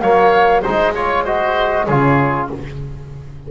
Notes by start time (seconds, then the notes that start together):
0.00 F#3 A#3 C#5 F5
0.61 G#3 D#4 C5 D#5
0.95 F4 C#5
1.24 F#4 C5 D#5
1.85 C#3 F4 G#4 C#5